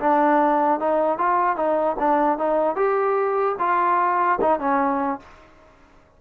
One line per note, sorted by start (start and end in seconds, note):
0.00 0.80 D4
0.80 1.18 D#4
1.18 1.56 F4
1.56 1.96 D#4
1.99 2.38 D4
2.38 2.76 D#4
2.76 3.56 G4
3.59 4.39 F4
4.41 4.59 D#4
4.59 5.19 C#4